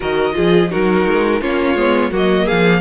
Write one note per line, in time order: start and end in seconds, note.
0.00 0.36 D#3
0.00 0.32 F#4
0.00 0.35 A#4
0.00 0.71 D#5
0.32 0.72 F3
0.32 0.68 F4
0.32 0.70 G#4
0.70 1.07 F#3
0.70 1.41 D#4
0.70 1.41 F#4
0.70 1.41 A#4
1.07 1.41 G#3
1.41 1.75 A#3
1.41 1.75 C#4
1.41 2.11 F4
1.41 2.11 C#5
1.75 2.10 G#3
1.75 2.11 B3
2.11 2.46 F#3
2.11 2.81 A#3
2.11 2.45 F#4
2.11 2.48 D#5
2.45 2.81 F3
2.45 2.80 G#4
2.45 2.81 F5